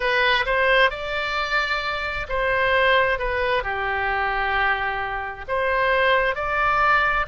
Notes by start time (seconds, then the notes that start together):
0.00 B4
0.45 C5
0.90 D5
2.28 C5
3.18 B4
3.63 G4
5.48 C5
6.35 D5